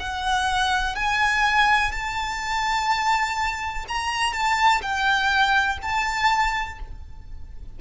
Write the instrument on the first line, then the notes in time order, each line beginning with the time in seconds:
violin
0.00 F#5
0.96 G#5
1.92 A5
3.89 A#5
4.33 A5
4.82 G5
5.82 A5